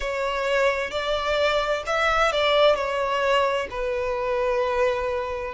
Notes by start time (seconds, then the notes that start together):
0.00 C#5
0.91 D5
1.86 E5
2.32 D5
2.75 C#5
3.70 B4